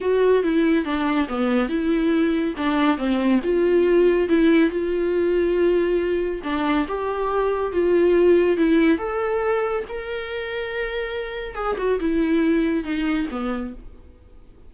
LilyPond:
\new Staff \with { instrumentName = "viola" } { \time 4/4 \tempo 4 = 140 fis'4 e'4 d'4 b4 | e'2 d'4 c'4 | f'2 e'4 f'4~ | f'2. d'4 |
g'2 f'2 | e'4 a'2 ais'4~ | ais'2. gis'8 fis'8 | e'2 dis'4 b4 | }